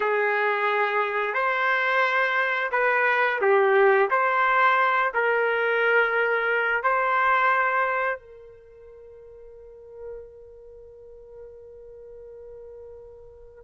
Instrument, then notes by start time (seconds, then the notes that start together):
trumpet
0.00 G#4
1.34 C5
2.71 B4
3.41 G4
4.10 C5
5.14 A#4
6.83 C5
8.18 A#4